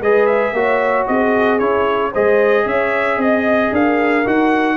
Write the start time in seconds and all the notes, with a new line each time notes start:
0.00 G#3 G#4 B4 D#5
0.26 E5
0.52 A#3 F#4 C#5
1.07 C4 G#4 D#5
1.59 C#4 E4 C#5
2.11 G#3 G#4 C5 D#5
2.65 C#4 C#5 E5
3.17 C4 D#5
3.71 D4 A#4 F5
4.25 D#4 F#4 F#5